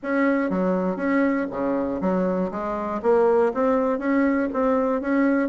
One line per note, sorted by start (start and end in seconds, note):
0.02 0.50 C#4
0.50 0.96 F#3
0.96 1.46 C#4
1.50 2.00 C#3
2.00 2.50 F#3
2.51 3.01 G#3
3.02 3.52 A#3
3.53 3.99 C4
3.99 4.49 C#4
4.53 5.01 C4
5.01 5.48 C#4